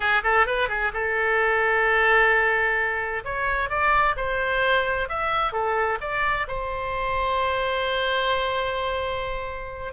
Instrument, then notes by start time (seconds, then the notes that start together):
oboe
0.00 G#4
0.23 A4
0.46 B4
0.68 G#4
0.93 A4
3.24 C#5
3.69 D5
4.16 C5
5.08 E5
5.52 A4
6.00 D5
6.47 C5